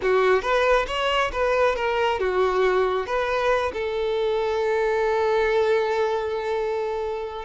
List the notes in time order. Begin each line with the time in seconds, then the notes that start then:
0.02 F#4
0.42 B4
0.87 C#5
1.32 B4
1.75 A#4
2.19 F#4
3.06 B4
3.73 A4